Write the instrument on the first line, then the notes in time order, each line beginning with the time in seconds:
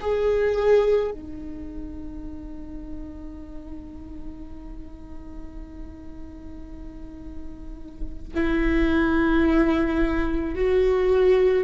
viola
0.00 G#4
1.11 D#4
8.33 E4
10.55 F#4